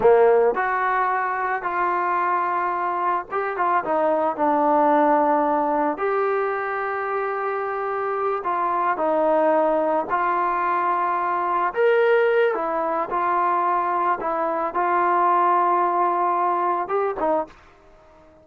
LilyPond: \new Staff \with { instrumentName = "trombone" } { \time 4/4 \tempo 4 = 110 ais4 fis'2 f'4~ | f'2 g'8 f'8 dis'4 | d'2. g'4~ | g'2.~ g'8 f'8~ |
f'8 dis'2 f'4.~ | f'4. ais'4. e'4 | f'2 e'4 f'4~ | f'2. g'8 dis'8 | }